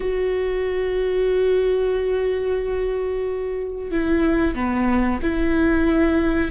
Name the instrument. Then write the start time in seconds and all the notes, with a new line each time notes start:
viola
0.00 F#4
3.91 E4
4.54 B3
5.22 E4